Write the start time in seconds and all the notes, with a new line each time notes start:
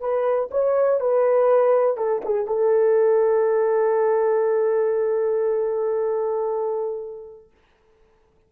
0.00 B4
0.51 C#5
1.00 B4
1.97 A4
2.25 G#4
2.47 A4